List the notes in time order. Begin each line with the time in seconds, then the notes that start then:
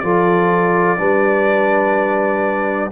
0.00 F3 F4 A4 D5
0.98 G3 D4 B4